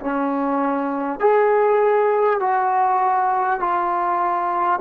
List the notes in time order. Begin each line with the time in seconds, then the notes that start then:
0.00 C#4
1.19 G#4
2.39 F#4
3.59 F4